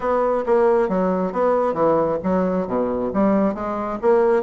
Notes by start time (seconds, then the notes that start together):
0.00 B3
0.45 A#3
0.88 F#3
1.32 B3
1.73 E3
2.23 F#3
2.67 B2
3.13 G3
3.54 G#3
4.01 A#3